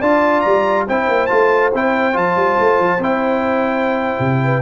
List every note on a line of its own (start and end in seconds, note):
0.00 0.44 D4
0.00 0.88 F4
0.00 0.86 D5
0.00 0.41 A5
0.41 0.88 G3
0.41 0.84 A#5
0.87 1.08 C4
0.87 1.29 E4
0.87 4.41 C5
0.87 1.27 G5
1.08 1.29 A#3
1.27 1.74 A3
1.27 1.72 F4
1.27 1.69 A5
1.74 2.16 C4
1.74 2.13 E4
1.74 2.17 G5
2.13 2.36 F3
2.13 2.99 F4
2.13 3.03 A5
2.36 2.57 G3
2.60 2.79 A3
2.79 2.98 F3
2.98 4.16 C4
2.98 4.62 E4
2.98 4.62 G5
4.19 4.62 C3
4.44 4.62 B4